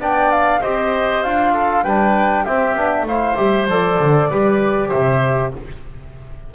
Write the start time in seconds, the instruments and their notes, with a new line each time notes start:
0.00 double bass B3, trombone D4, oboe D5, flute G5
0.32 flute F5
0.61 double bass C4, trombone G4, oboe C5, flute D#5
1.23 double bass D4, trombone F4, flute F5
1.54 oboe A4
1.84 double bass G3, trombone D4, oboe B4, flute G5
2.45 trombone C4, double bass C4, oboe G4, flute E5
2.74 double bass B3, trombone D4
3.03 double bass A3, trombone E4, oboe C5, flute F5
3.36 double bass G3, trombone G4, flute E5
3.68 double bass F3, trombone A4, flute D5
4.00 double bass D3
4.30 double bass G3, trombone G4, oboe B4
4.89 double bass C3, oboe C5, flute E5